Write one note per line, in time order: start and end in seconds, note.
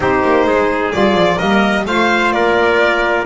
0.00 0.22 C4
0.00 0.92 D#4
0.00 0.46 G4
0.00 0.92 C5
0.24 0.46 A#3
0.46 0.93 G#3
0.46 1.37 G#4
0.92 1.13 G3
0.92 1.38 F4
0.92 1.37 D5
1.13 1.36 F3
1.37 1.85 G3
1.37 1.84 A#3
1.37 1.84 A#4
1.37 1.84 D#5
1.85 2.31 A3
1.85 3.25 F4
1.85 2.34 C5
1.85 2.31 F5
2.31 3.25 A#3
2.31 3.25 A#4
2.31 3.25 D5